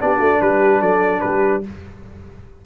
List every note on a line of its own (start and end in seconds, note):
0.00 0.19 B3
0.00 1.63 D4
0.00 0.17 G4
0.00 0.41 D5
0.17 0.39 A3
0.17 0.37 F#4
0.41 0.81 G3
0.41 0.81 G4
0.41 0.82 B4
0.81 1.22 F#3
0.81 1.22 A4
0.81 1.20 D5
1.20 1.65 G3
1.20 1.62 G4
1.20 1.61 B4